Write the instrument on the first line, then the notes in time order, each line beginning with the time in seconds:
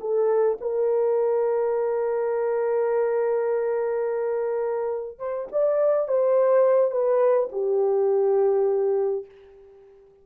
horn
0.00 A4
0.61 A#4
5.18 C5
5.52 D5
6.07 C5
6.91 B4
7.52 G4